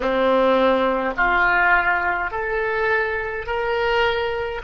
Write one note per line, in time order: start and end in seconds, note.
0.00 1.13 C4
1.16 2.31 F4
2.31 3.46 A4
3.46 4.62 A#4